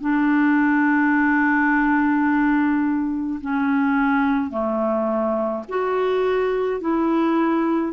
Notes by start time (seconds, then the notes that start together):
0.00 D4
3.41 C#4
4.50 A3
5.69 F#4
6.80 E4